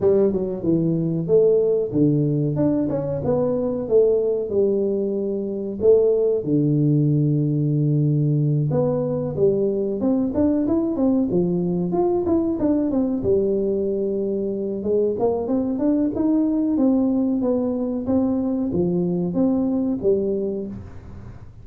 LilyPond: \new Staff \with { instrumentName = "tuba" } { \time 4/4 \tempo 4 = 93 g8 fis8 e4 a4 d4 | d'8 cis'8 b4 a4 g4~ | g4 a4 d2~ | d4. b4 g4 c'8 |
d'8 e'8 c'8 f4 f'8 e'8 d'8 | c'8 g2~ g8 gis8 ais8 | c'8 d'8 dis'4 c'4 b4 | c'4 f4 c'4 g4 | }